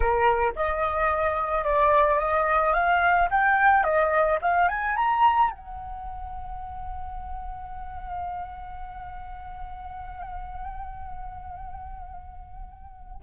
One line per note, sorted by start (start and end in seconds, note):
0.00 0.53 A#4
0.55 1.64 D#5
1.64 2.18 D5
2.18 2.73 D#5
2.73 3.28 F5
3.30 3.83 G5
3.83 4.38 D#5
4.41 4.68 F5
4.68 4.95 G#5
4.95 5.50 A#5
5.50 13.21 F#5